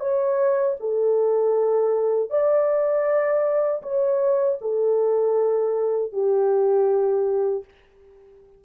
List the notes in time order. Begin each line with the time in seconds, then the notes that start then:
0.00 C#5
0.80 A4
2.30 D5
3.83 C#5
4.61 A4
6.12 G4